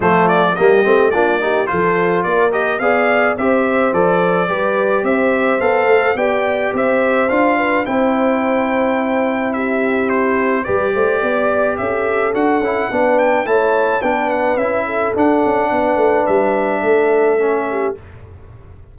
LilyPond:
<<
  \new Staff \with { instrumentName = "trumpet" } { \time 4/4 \tempo 4 = 107 c''8 d''8 dis''4 d''4 c''4 | d''8 dis''8 f''4 e''4 d''4~ | d''4 e''4 f''4 g''4 | e''4 f''4 g''2~ |
g''4 e''4 c''4 d''4~ | d''4 e''4 fis''4. g''8 | a''4 g''8 fis''8 e''4 fis''4~ | fis''4 e''2. | }
  \new Staff \with { instrumentName = "horn" } { \time 4/4 f'4 g'4 f'8 g'8 a'4 | ais'4 d''4 c''2 | b'4 c''2 d''4 | c''4. b'8 c''2~ |
c''4 g'2 b'8 c''8 | d''4 a'2 b'4 | cis''4 b'4. a'4. | b'2 a'4. g'8 | }
  \new Staff \with { instrumentName = "trombone" } { \time 4/4 a4 ais8 c'8 d'8 dis'8 f'4~ | f'8 g'8 gis'4 g'4 a'4 | g'2 a'4 g'4~ | g'4 f'4 e'2~ |
e'2. g'4~ | g'2 fis'8 e'8 d'4 | e'4 d'4 e'4 d'4~ | d'2. cis'4 | }
  \new Staff \with { instrumentName = "tuba" } { \time 4/4 f4 g8 a8 ais4 f4 | ais4 b4 c'4 f4 | g4 c'4 b8 a8 b4 | c'4 d'4 c'2~ |
c'2. g8 a8 | b4 cis'4 d'8 cis'8 b4 | a4 b4 cis'4 d'8 cis'8 | b8 a8 g4 a2 | }
>>